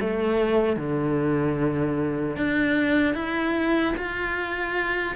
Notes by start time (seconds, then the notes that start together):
0.00 A3
0.76 D3
2.36 D4
3.14 E4
3.96 F4